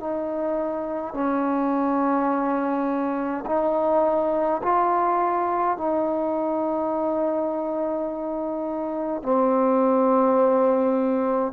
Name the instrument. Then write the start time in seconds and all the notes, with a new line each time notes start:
trombone
0.00 D#4
1.14 C#4
3.46 D#4
4.63 F4
5.77 D#4
9.23 C4